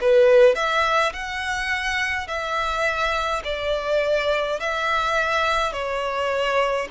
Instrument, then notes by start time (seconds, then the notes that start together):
violin
0.00 B4
0.55 E5
1.13 F#5
2.27 E5
3.44 D5
4.59 E5
5.72 C#5